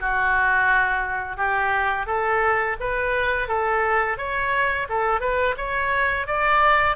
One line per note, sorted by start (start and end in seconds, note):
0.00 1.37 F#4
1.37 2.07 G4
2.07 2.77 A4
2.80 3.48 B4
3.48 4.18 A4
4.18 4.88 C#5
4.89 5.21 A4
5.21 5.56 B4
5.57 6.27 C#5
6.27 6.96 D5